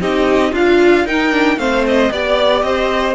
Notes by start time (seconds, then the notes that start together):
0.00 C4 D#4 G4 D#5
0.52 D4 F4 F5
1.05 D#4 A#4 G5
1.31 D4
1.57 A3 C4 C5 F5
1.87 D#5
2.11 B3 G4 D5
2.62 C4 C5 D#5